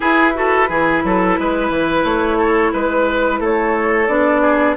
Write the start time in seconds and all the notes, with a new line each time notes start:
0.00 E4 G#4 B4
0.34 F#4 A4
0.69 E3 E4 G#4
1.03 F#3 A4
1.38 G#3 B4
1.69 E3
2.04 A3 C#5
2.37 A4
2.72 G#3 B4
3.39 A3 A4 C#5
4.07 B3 D4 D5
4.41 G#4